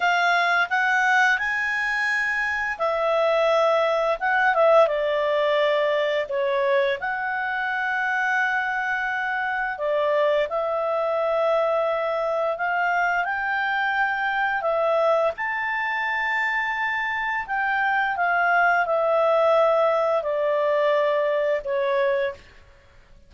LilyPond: \new Staff \with { instrumentName = "clarinet" } { \time 4/4 \tempo 4 = 86 f''4 fis''4 gis''2 | e''2 fis''8 e''8 d''4~ | d''4 cis''4 fis''2~ | fis''2 d''4 e''4~ |
e''2 f''4 g''4~ | g''4 e''4 a''2~ | a''4 g''4 f''4 e''4~ | e''4 d''2 cis''4 | }